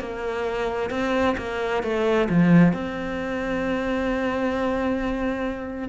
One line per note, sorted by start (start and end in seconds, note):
0.00 0.90 A#3
0.90 1.36 C4
1.38 1.83 A#3
1.83 2.29 A3
2.29 2.73 F3
2.73 5.89 C4